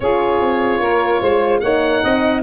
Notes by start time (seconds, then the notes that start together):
0.00 C#4 F4 G#4 C#5
0.40 C4
0.79 A#3 A#4
1.21 G#3 C5
1.59 A#3 D#4 C#5 F#5
2.02 C4 D#5